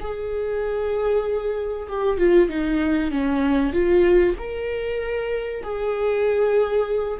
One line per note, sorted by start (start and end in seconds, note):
0.00 1.88 G#4
1.88 2.18 G4
2.18 2.49 F4
2.49 3.11 D#4
3.11 3.73 C#4
3.73 4.35 F4
4.38 5.63 A#4
5.63 7.19 G#4